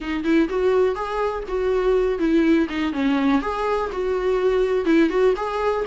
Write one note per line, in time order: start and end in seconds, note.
0.00 0.24 D#4
0.24 0.48 E4
0.49 0.95 F#4
0.95 1.43 G#4
1.48 2.19 F#4
2.19 2.67 E4
2.69 2.92 D#4
2.92 3.41 C#4
3.41 3.90 G#4
3.92 4.85 F#4
4.85 5.09 E4
5.09 5.34 F#4
5.36 5.85 G#4